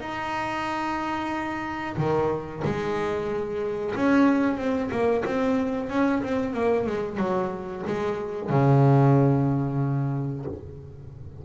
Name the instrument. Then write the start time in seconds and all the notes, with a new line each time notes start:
double bass
0.00 D#4
1.97 D#3
2.64 G#3
3.95 C#4
4.57 C4
4.91 A#3
5.25 C4
5.89 C#4
6.23 C4
6.53 A#3
6.86 G#3
7.17 F#3
7.86 G#3
8.49 C#3